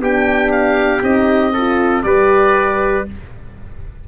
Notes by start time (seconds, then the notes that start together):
0.00 B3 D4 G4 G5
0.52 F5
1.03 C4 D#4 D#5
1.53 F4 A4
2.03 G3 G4 B4 D5